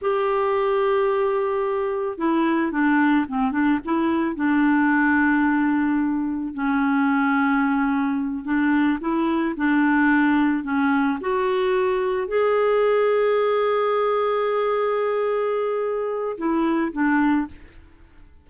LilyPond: \new Staff \with { instrumentName = "clarinet" } { \time 4/4 \tempo 4 = 110 g'1 | e'4 d'4 c'8 d'8 e'4 | d'1 | cis'2.~ cis'8 d'8~ |
d'8 e'4 d'2 cis'8~ | cis'8 fis'2 gis'4.~ | gis'1~ | gis'2 e'4 d'4 | }